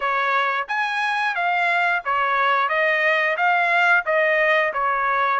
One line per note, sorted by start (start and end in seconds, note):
0.00 0.67 C#5
0.68 1.35 G#5
1.35 2.02 F5
2.04 2.68 C#5
2.68 3.36 D#5
3.36 4.04 F5
4.05 4.73 D#5
4.73 5.40 C#5